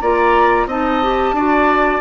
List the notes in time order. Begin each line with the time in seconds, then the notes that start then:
0.00 A#3 F4 D5 A#5
0.66 C4 D#4 D#5 A5
1.03 G4
1.32 D4 F#4 D5